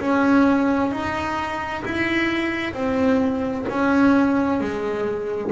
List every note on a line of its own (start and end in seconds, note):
0.00 0.91 C#4
0.91 1.83 D#4
1.85 2.73 E4
2.73 3.65 C4
3.69 4.60 C#4
4.60 5.52 G#3